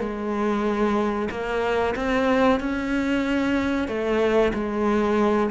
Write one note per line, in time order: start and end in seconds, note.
0.00 1.29 G#3
1.30 1.95 A#3
1.96 2.60 C4
2.60 3.88 C#4
3.88 4.53 A3
4.54 5.50 G#3